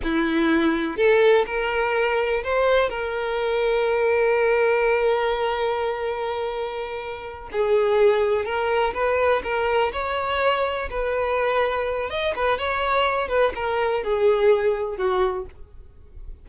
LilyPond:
\new Staff \with { instrumentName = "violin" } { \time 4/4 \tempo 4 = 124 e'2 a'4 ais'4~ | ais'4 c''4 ais'2~ | ais'1~ | ais'2.~ ais'8 gis'8~ |
gis'4. ais'4 b'4 ais'8~ | ais'8 cis''2 b'4.~ | b'4 dis''8 b'8 cis''4. b'8 | ais'4 gis'2 fis'4 | }